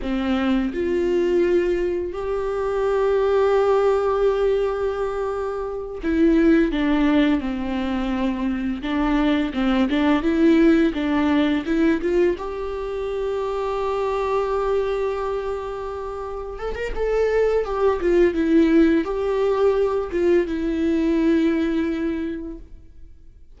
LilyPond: \new Staff \with { instrumentName = "viola" } { \time 4/4 \tempo 4 = 85 c'4 f'2 g'4~ | g'1~ | g'8 e'4 d'4 c'4.~ | c'8 d'4 c'8 d'8 e'4 d'8~ |
d'8 e'8 f'8 g'2~ g'8~ | g'2.~ g'8 a'16 ais'16 | a'4 g'8 f'8 e'4 g'4~ | g'8 f'8 e'2. | }